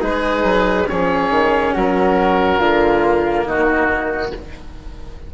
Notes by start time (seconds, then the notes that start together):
0.00 G#3 D#4 G#4 B4
0.43 F#3
0.88 F3 C#4 G#4 C#5
1.30 D#3
1.73 F#3 F#4 A#4
2.57 D3 A#3 F4
3.46 D#3 D#4 F#4